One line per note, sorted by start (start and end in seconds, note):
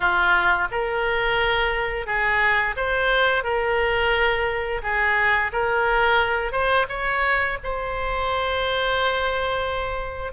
0.00 0.68 F4
0.71 2.06 A#4
2.06 2.75 G#4
2.76 3.43 C5
3.43 4.81 A#4
4.82 5.51 G#4
5.52 6.52 A#4
6.52 6.86 C5
6.88 7.57 C#5
7.63 10.32 C5